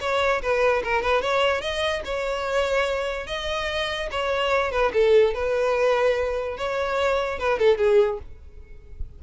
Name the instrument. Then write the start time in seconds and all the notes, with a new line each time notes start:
violin
0.00 C#5
0.41 B4
0.83 A#4
1.02 B4
1.21 C#5
1.61 D#5
2.05 C#5
3.27 D#5
4.11 C#5
4.71 B4
4.93 A4
5.34 B4
6.57 C#5
7.39 B4
7.59 A4
7.77 G#4